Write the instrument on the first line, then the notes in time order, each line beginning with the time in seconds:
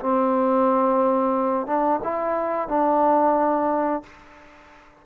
trombone
0.00 C4
1.67 D4
2.03 E4
2.68 D4